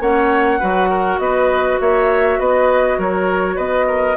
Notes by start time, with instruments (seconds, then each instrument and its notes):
0.00 bassoon A#3, clarinet C#4, oboe C#5, flute F#5
0.59 bassoon F#3, clarinet F#4, oboe B4
0.90 oboe A#4
1.19 bassoon B3, oboe B4, flute D#5
1.80 bassoon A#3, oboe C#5, flute E5
2.39 bassoon B3, oboe B4, flute D#5
2.98 bassoon F#3, oboe A#4, flute C#5
3.56 bassoon B3, oboe B4, flute D#5
3.87 oboe A#4